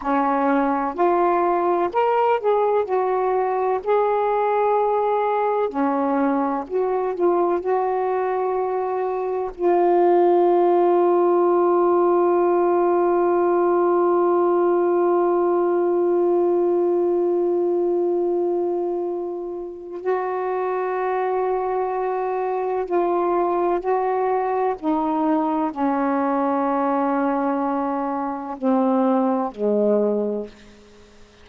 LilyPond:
\new Staff \with { instrumentName = "saxophone" } { \time 4/4 \tempo 4 = 63 cis'4 f'4 ais'8 gis'8 fis'4 | gis'2 cis'4 fis'8 f'8 | fis'2 f'2~ | f'1~ |
f'1~ | f'4 fis'2. | f'4 fis'4 dis'4 cis'4~ | cis'2 c'4 gis4 | }